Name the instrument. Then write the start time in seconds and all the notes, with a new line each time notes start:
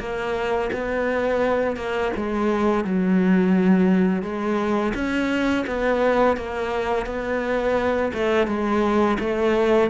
cello
0.00 A#3
0.73 B3
1.77 A#3
2.17 G#3
2.85 F#3
4.23 G#3
4.95 C#4
5.67 B3
6.38 A#3
7.07 B3
8.14 A3
8.48 G#3
9.20 A3